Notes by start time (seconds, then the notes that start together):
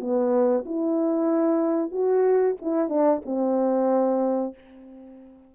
0.00 B3
0.65 E4
1.91 F#4
2.61 E4
2.89 D4
3.25 C4